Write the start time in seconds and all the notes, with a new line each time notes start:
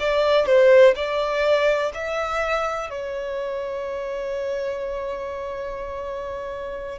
0.00 D5
0.46 C5
0.96 D5
1.94 E5
2.90 C#5